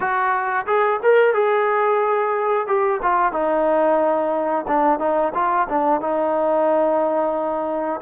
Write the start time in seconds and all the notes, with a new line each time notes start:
0.00 F#4
0.66 G#4
1.02 A#4
1.33 G#4
2.67 G4
3.02 F4
3.32 D#4
4.67 D4
4.99 D#4
5.34 F4
5.68 D4
6.00 D#4